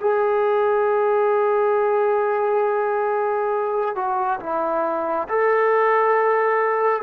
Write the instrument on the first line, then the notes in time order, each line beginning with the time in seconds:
trombone
0.00 G#4
3.95 F#4
4.40 E4
5.29 A4